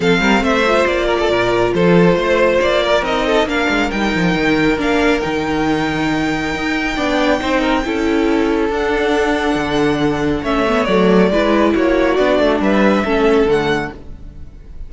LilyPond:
<<
  \new Staff \with { instrumentName = "violin" } { \time 4/4 \tempo 4 = 138 f''4 e''4 d''2 | c''2 d''4 dis''4 | f''4 g''2 f''4 | g''1~ |
g''1 | fis''1 | e''4 d''2 cis''4 | d''4 e''2 fis''4 | }
  \new Staff \with { instrumentName = "violin" } { \time 4/4 a'8 ais'8 c''4. ais'16 a'16 ais'4 | a'4 c''4. ais'4 a'8 | ais'1~ | ais'1 |
d''4 c''8 ais'8 a'2~ | a'1 | cis''2 b'4 fis'4~ | fis'4 b'4 a'2 | }
  \new Staff \with { instrumentName = "viola" } { \time 4/4 c'4. f'2~ f'8~ | f'2. dis'4 | d'4 dis'2 d'4 | dis'1 |
d'4 dis'4 e'2 | d'1 | cis'8 b8 a4 e'2 | d'2 cis'4 a4 | }
  \new Staff \with { instrumentName = "cello" } { \time 4/4 f8 g8 a4 ais4 ais,4 | f4 a4 ais4 c'4 | ais8 gis8 g8 f8 dis4 ais4 | dis2. dis'4 |
b4 c'4 cis'2 | d'2 d2 | a4 fis4 gis4 ais4 | b8 a8 g4 a4 d4 | }
>>